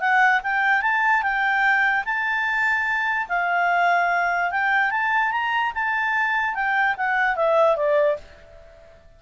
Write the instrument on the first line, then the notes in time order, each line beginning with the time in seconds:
clarinet
0.00 F#5
0.43 G5
0.82 A5
1.22 G5
2.05 A5
3.29 F5
4.51 G5
4.91 A5
5.32 A#5
5.74 A5
6.54 G5
6.97 F#5
7.36 E5
7.76 D5